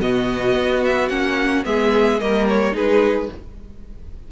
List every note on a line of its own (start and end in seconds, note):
0.00 0.55 B2
0.00 1.09 B3
0.00 1.65 F#4
0.00 0.83 D#5
0.55 1.09 B3
0.84 1.08 E5
1.08 1.64 A#3
1.08 1.64 C#4
1.08 1.64 F#5
1.64 2.20 G#3
1.64 2.19 B3
1.64 2.21 G#4
1.64 2.20 E5
2.19 2.73 G3
2.19 2.72 A#3
2.19 2.74 A#4
2.19 2.47 D#5
2.48 2.76 C#5
2.72 3.28 G#3
2.72 3.27 D#4
2.72 3.29 G#4
2.72 3.31 B4